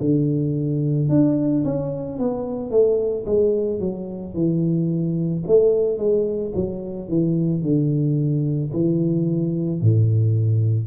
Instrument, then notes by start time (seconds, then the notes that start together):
tuba
0.00 D3
1.09 D4
1.65 C#4
2.18 B3
2.70 A3
3.25 G#3
3.80 F#3
4.34 E3
5.46 A3
5.98 G#3
6.55 F#3
7.08 E3
7.62 D3
8.72 E3
9.81 A2